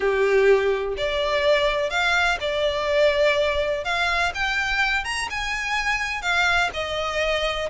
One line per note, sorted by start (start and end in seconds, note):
0.00 0.94 G4
0.97 1.90 D5
1.90 2.38 F5
2.40 3.84 D5
3.84 4.32 F5
4.34 5.04 G5
5.04 5.28 A#5
5.30 6.22 G#5
6.22 6.70 F5
6.73 7.69 D#5